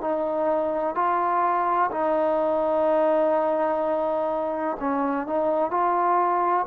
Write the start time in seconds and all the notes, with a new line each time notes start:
0.00 D#4
0.94 F4
1.91 D#4
4.79 C#4
5.26 D#4
5.70 F4